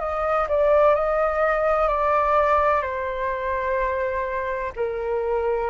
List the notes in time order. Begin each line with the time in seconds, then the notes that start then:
0.00 D#5
0.49 D5
0.95 D#5
1.88 D5
2.82 C5
4.77 A#4